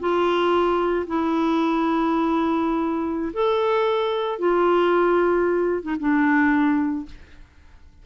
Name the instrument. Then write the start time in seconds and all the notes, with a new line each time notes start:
clarinet
0.00 F4
1.07 E4
3.33 A4
4.39 F4
5.83 D#4
6.00 D4